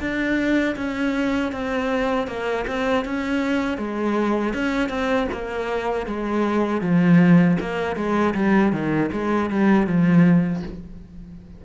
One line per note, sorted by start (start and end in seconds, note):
0.00 0.76 D4
0.76 1.52 C#4
1.52 2.28 C4
2.28 2.65 A#3
2.68 3.05 C4
3.05 3.78 C#4
3.78 4.54 G#3
4.54 4.90 C#4
4.90 5.28 C4
5.32 6.07 A#3
6.07 6.81 G#3
6.81 7.57 F3
7.60 7.96 A#3
7.96 8.34 G#3
8.34 8.72 G3
8.73 9.11 D#3
9.12 9.50 G#3
9.50 9.87 G3
9.87 10.63 F3